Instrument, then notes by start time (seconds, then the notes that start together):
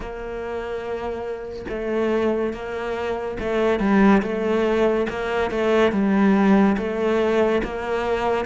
cello
0.00 A#3
1.69 A3
2.53 A#3
3.39 A3
3.79 G3
4.22 A3
5.09 A#3
5.50 A3
5.92 G3
6.77 A3
7.63 A#3